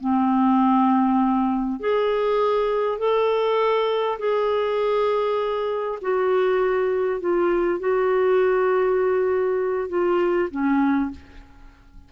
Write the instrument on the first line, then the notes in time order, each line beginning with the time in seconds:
clarinet
0.00 C4
1.80 G#4
2.98 A4
4.19 G#4
6.02 F#4
7.20 F4
7.80 F#4
9.89 F4
10.51 C#4